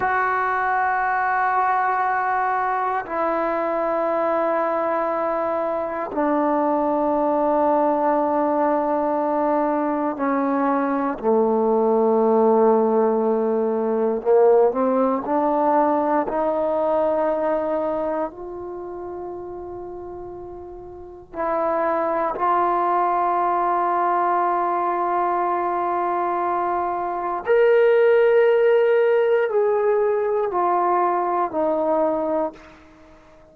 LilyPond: \new Staff \with { instrumentName = "trombone" } { \time 4/4 \tempo 4 = 59 fis'2. e'4~ | e'2 d'2~ | d'2 cis'4 a4~ | a2 ais8 c'8 d'4 |
dis'2 f'2~ | f'4 e'4 f'2~ | f'2. ais'4~ | ais'4 gis'4 f'4 dis'4 | }